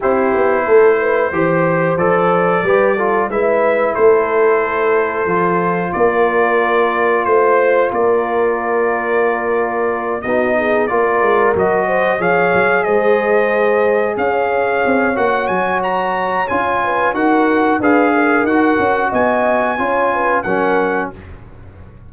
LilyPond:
<<
  \new Staff \with { instrumentName = "trumpet" } { \time 4/4 \tempo 4 = 91 c''2. d''4~ | d''4 e''4 c''2~ | c''4 d''2 c''4 | d''2.~ d''8 dis''8~ |
dis''8 d''4 dis''4 f''4 dis''8~ | dis''4. f''4. fis''8 gis''8 | ais''4 gis''4 fis''4 f''4 | fis''4 gis''2 fis''4 | }
  \new Staff \with { instrumentName = "horn" } { \time 4/4 g'4 a'8 b'8 c''2 | b'8 a'8 b'4 a'2~ | a'4 ais'2 c''4 | ais'2.~ ais'8 fis'8 |
gis'8 ais'4. c''8 cis''4 c''8~ | c''4. cis''2~ cis''8~ | cis''4. b'8 ais'4 b'8 ais'8~ | ais'4 dis''4 cis''8 b'8 ais'4 | }
  \new Staff \with { instrumentName = "trombone" } { \time 4/4 e'2 g'4 a'4 | g'8 f'8 e'2. | f'1~ | f'2.~ f'8 dis'8~ |
dis'8 f'4 fis'4 gis'4.~ | gis'2. fis'4~ | fis'4 f'4 fis'4 gis'4 | fis'2 f'4 cis'4 | }
  \new Staff \with { instrumentName = "tuba" } { \time 4/4 c'8 b8 a4 e4 f4 | g4 gis4 a2 | f4 ais2 a4 | ais2.~ ais8 b8~ |
b8 ais8 gis8 fis4 f8 fis8 gis8~ | gis4. cis'4 c'8 ais8 fis8~ | fis4 cis'4 dis'4 d'4 | dis'8 cis'8 b4 cis'4 fis4 | }
>>